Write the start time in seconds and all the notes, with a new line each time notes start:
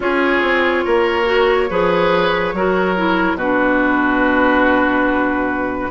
0.00 C#4 F4 G#4 C#5
0.41 C4
0.85 A#3 A#4
1.25 F#4
1.70 F3 G#4 B4
2.53 F#3 F#4 A#4
2.95 E4
3.34 B2 F#4 B4
3.41 D4